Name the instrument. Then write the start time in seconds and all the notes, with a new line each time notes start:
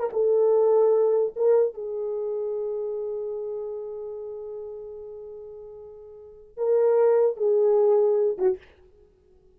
horn
0.00 A#4
0.13 A4
1.37 A#4
1.74 G#4
6.57 A#4
7.37 G#4
8.38 F#4